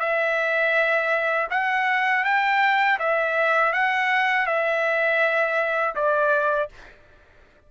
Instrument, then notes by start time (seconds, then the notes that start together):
trumpet
0.00 E5
1.51 F#5
2.25 G5
2.99 E5
3.73 F#5
4.47 E5
5.95 D5